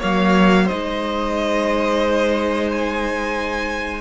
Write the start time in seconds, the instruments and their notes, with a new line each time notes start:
0.00 cello F#3, viola A#3, violin C#5 F5
0.65 viola D#4, violin C5 D#5
0.72 cello G#3
2.72 violin G#5